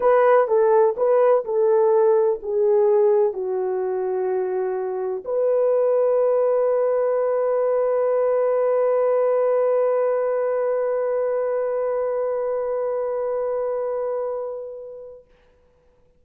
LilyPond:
\new Staff \with { instrumentName = "horn" } { \time 4/4 \tempo 4 = 126 b'4 a'4 b'4 a'4~ | a'4 gis'2 fis'4~ | fis'2. b'4~ | b'1~ |
b'1~ | b'1~ | b'1~ | b'1 | }